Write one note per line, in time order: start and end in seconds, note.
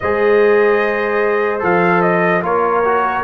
0.00 1.62 G#3
0.00 1.59 G#4
0.00 2.44 C5
0.00 1.60 D#5
1.59 2.42 F3
1.59 2.40 A4
1.59 2.01 F5
2.01 2.42 D#5
2.42 3.23 A#3
2.42 2.83 F4
2.42 3.23 A#4
2.42 3.23 C#5
2.84 3.23 F#4